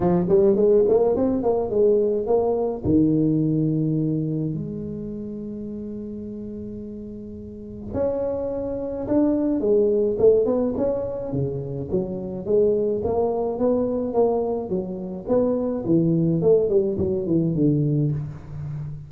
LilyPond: \new Staff \with { instrumentName = "tuba" } { \time 4/4 \tempo 4 = 106 f8 g8 gis8 ais8 c'8 ais8 gis4 | ais4 dis2. | gis1~ | gis2 cis'2 |
d'4 gis4 a8 b8 cis'4 | cis4 fis4 gis4 ais4 | b4 ais4 fis4 b4 | e4 a8 g8 fis8 e8 d4 | }